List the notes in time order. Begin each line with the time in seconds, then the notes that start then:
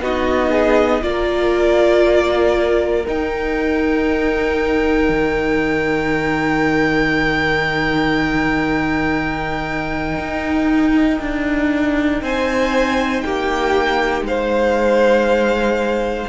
0.00 B3 D#4 F#4 D#5
0.50 G#4
1.02 A#3 F4 A#4 D5
3.06 D#4 G5
5.09 D#3
10.18 D#4
11.20 D4
12.22 C4 C5 G#5
13.21 A#3 G4 G5
14.22 G#3 C5 F5